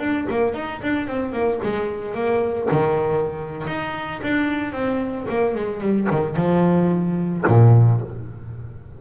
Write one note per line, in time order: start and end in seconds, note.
0.00 0.27 D4
0.30 0.55 A#3
0.55 0.82 D#4
0.83 1.08 D4
1.08 1.33 C4
1.33 1.60 A#3
1.64 2.15 G#3
2.15 2.69 A#3
2.71 3.66 D#3
3.68 4.22 D#4
4.23 4.73 D4
4.73 5.27 C4
5.29 5.55 A#3
5.55 5.81 G#3
5.81 6.08 G3
6.11 6.36 D#3
6.36 7.44 F3
7.47 8.01 A#2